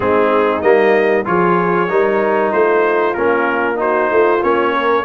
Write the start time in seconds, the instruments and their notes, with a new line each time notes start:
0.00 tuba G#3, trombone C4, horn D#4, trumpet G#4
0.61 tuba G3, trombone A#3, trumpet D#5
1.24 tuba F3, trombone F4, horn G#4, trumpet C#5
1.88 tuba G3, trombone D#4, horn A#4
2.52 tuba A3, horn F4, trumpet C5
3.14 tuba A#3, trombone C#4, trumpet A#4
3.75 trombone D#4, horn F#4, trumpet C5
4.11 tuba A3, horn F4
4.42 tuba A#3, trombone C#4, trumpet C#5
4.72 horn A#4